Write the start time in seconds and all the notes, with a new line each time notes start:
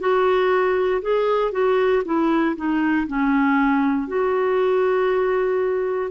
0.00 F#4
1.02 G#4
1.52 F#4
2.05 E4
2.57 D#4
3.07 C#4
4.08 F#4